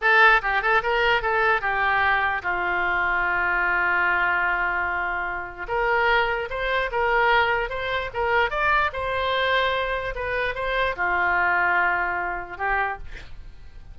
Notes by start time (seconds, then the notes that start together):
0.01 A4
0.42 G4
0.62 A4
0.82 A#4
1.21 A4
1.61 G4
2.42 F4
5.68 A#4
6.50 C5
6.91 A#4
7.69 C5
8.13 A#4
8.50 D5
8.92 C5
10.15 B4
10.54 C5
10.96 F4
12.57 G4